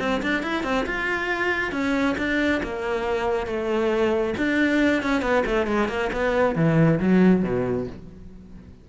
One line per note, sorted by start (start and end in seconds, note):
0.00 0.22 C4
0.23 0.43 D4
0.43 0.64 E4
0.64 0.86 C4
0.87 1.72 F4
1.72 2.16 C#4
2.18 2.62 D4
2.63 3.47 A#3
3.47 4.35 A3
4.38 5.03 D4
5.03 5.22 C#4
5.22 5.44 B3
5.46 5.67 A3
5.67 5.89 G#3
5.89 6.11 A#3
6.13 6.56 B3
6.56 7.00 E3
7.00 7.44 F#3
7.44 7.87 B2